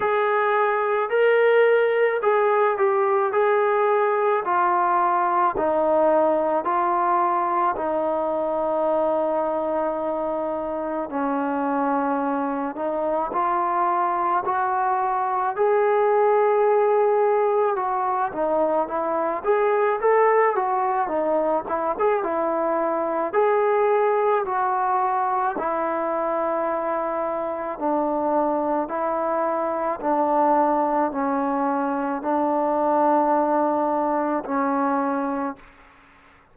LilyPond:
\new Staff \with { instrumentName = "trombone" } { \time 4/4 \tempo 4 = 54 gis'4 ais'4 gis'8 g'8 gis'4 | f'4 dis'4 f'4 dis'4~ | dis'2 cis'4. dis'8 | f'4 fis'4 gis'2 |
fis'8 dis'8 e'8 gis'8 a'8 fis'8 dis'8 e'16 gis'16 | e'4 gis'4 fis'4 e'4~ | e'4 d'4 e'4 d'4 | cis'4 d'2 cis'4 | }